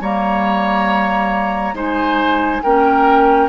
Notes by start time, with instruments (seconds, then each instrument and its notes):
0.00 bassoon G3, clarinet A#3, oboe C#5, flute A#5
1.73 bassoon G#3, clarinet D#4, oboe C5, flute G#5
2.62 bassoon A#3, clarinet C#4, oboe A#4, flute G5